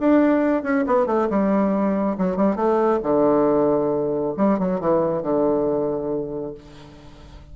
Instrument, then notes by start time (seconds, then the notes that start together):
bassoon
0.00 D4
0.63 C#4
0.87 B3
1.07 A3
1.30 G3
2.18 F#3
2.37 G3
2.56 A3
3.03 D3
4.37 G3
4.59 F#3
4.81 E3
5.23 D3